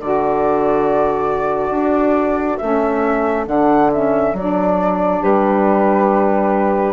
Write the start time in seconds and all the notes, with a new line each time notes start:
0.00 D3 F#4 A4 D5
1.70 D4
2.58 A3 C#4 E5
3.47 D3 D4 F#5
3.92 C#4 E5
4.33 F#3 D4 D5
5.20 G3 G4 B4